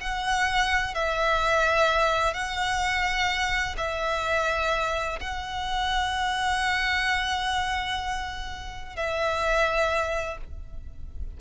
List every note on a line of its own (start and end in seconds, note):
0.00 0.94 F#5
0.94 2.33 E5
2.33 3.75 F#5
3.77 5.19 E5
5.20 8.96 F#5
8.96 10.37 E5